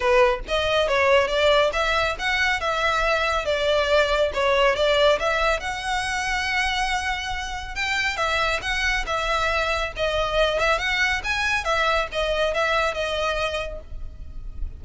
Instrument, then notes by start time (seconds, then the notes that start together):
violin
0.00 B4
0.47 D#5
0.88 C#5
1.27 D5
1.73 E5
2.18 F#5
2.60 E5
3.45 D5
4.33 C#5
4.75 D5
5.19 E5
5.60 F#5
7.75 G5
8.16 E5
8.62 F#5
9.06 E5
9.96 D#5
10.59 E5
10.78 F#5
11.23 G#5
11.64 E5
12.12 D#5
12.54 E5
12.94 D#5